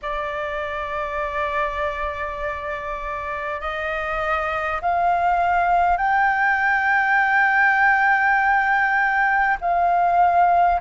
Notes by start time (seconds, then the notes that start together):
0.02 D5
3.60 D#5
4.81 F5
5.97 G5
9.61 F5